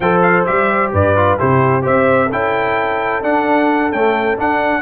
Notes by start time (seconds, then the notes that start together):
0.00 F3 A4 C5 G5
0.22 F5
0.46 G3 G4 E5
0.92 G2 B4 D5
1.16 F4
1.38 C3 E4 G4 C5
1.82 C4 G4 C5 E5
2.26 C#4 E4 A4 G5
3.22 D4 F#5
3.91 A3 C#4 G5
4.37 D4 F#5